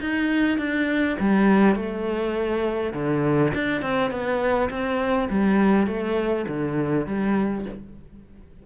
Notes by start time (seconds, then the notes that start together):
0.00 D#4
0.58 D4
1.19 G3
1.75 A3
2.93 D3
3.54 D4
3.81 C4
4.10 B3
4.70 C4
5.29 G3
5.86 A3
6.48 D3
7.06 G3